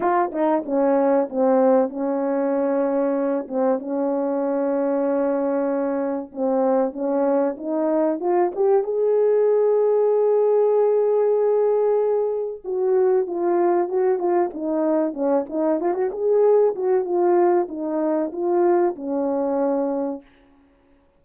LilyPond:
\new Staff \with { instrumentName = "horn" } { \time 4/4 \tempo 4 = 95 f'8 dis'8 cis'4 c'4 cis'4~ | cis'4. c'8 cis'2~ | cis'2 c'4 cis'4 | dis'4 f'8 g'8 gis'2~ |
gis'1 | fis'4 f'4 fis'8 f'8 dis'4 | cis'8 dis'8 f'16 fis'16 gis'4 fis'8 f'4 | dis'4 f'4 cis'2 | }